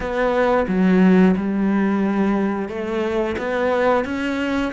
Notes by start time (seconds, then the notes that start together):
0.00 B3
0.67 F#3
1.36 G3
2.68 A3
3.38 B3
4.04 C#4